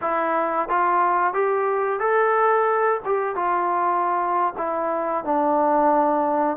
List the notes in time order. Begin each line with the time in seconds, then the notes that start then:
0.01 E4
0.68 F4
1.33 G4
1.99 A4
3.05 G4
3.35 F4
4.57 E4
5.24 D4